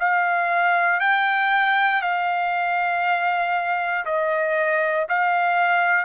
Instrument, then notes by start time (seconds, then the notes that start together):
trumpet
0.00 F5
1.00 G5
2.02 F5
4.05 D#5
5.09 F5